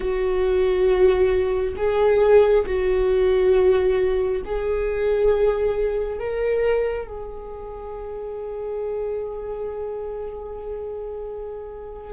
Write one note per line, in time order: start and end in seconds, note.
0.00 1.74 F#4
1.76 2.64 G#4
2.66 4.42 F#4
4.44 6.19 G#4
6.19 7.07 A#4
7.07 12.13 G#4